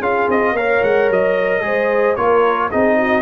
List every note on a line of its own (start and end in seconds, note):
0.00 0.27 C#4
0.00 0.55 F4
0.00 0.54 G#4
0.00 0.29 F5
0.28 0.52 C4
0.28 0.56 D#5
0.52 0.79 A#3
0.52 1.61 A#4
0.52 1.63 C#5
0.52 0.83 F5
0.83 1.09 G#3
0.83 1.10 F#5
1.09 1.61 F#3
1.09 2.16 D#5
1.61 2.15 G#3
1.61 2.15 G#4
1.61 2.18 C5
2.16 2.71 A#3
2.16 2.70 F4
2.16 2.69 A#4
2.16 2.69 C#5
2.69 3.22 C4
2.69 3.22 D#4
2.69 2.96 G#4
2.69 3.22 D#5
2.98 3.22 F#4